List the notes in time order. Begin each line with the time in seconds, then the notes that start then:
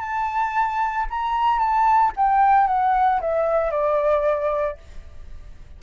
0.00 A5
1.10 A#5
1.58 A5
2.16 G5
2.67 F#5
3.21 E5
3.71 D5